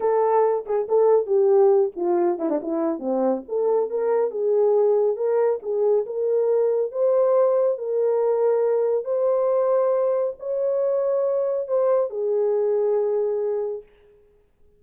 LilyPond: \new Staff \with { instrumentName = "horn" } { \time 4/4 \tempo 4 = 139 a'4. gis'8 a'4 g'4~ | g'8 f'4 e'16 d'16 e'4 c'4 | a'4 ais'4 gis'2 | ais'4 gis'4 ais'2 |
c''2 ais'2~ | ais'4 c''2. | cis''2. c''4 | gis'1 | }